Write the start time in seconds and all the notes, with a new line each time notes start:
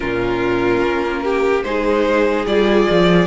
0.00 A#2 C#4 F4 A#4
0.81 A#3
1.23 G4
1.62 G#3 D#4 G#4 C5
2.46 G3 F4 D5
2.90 F3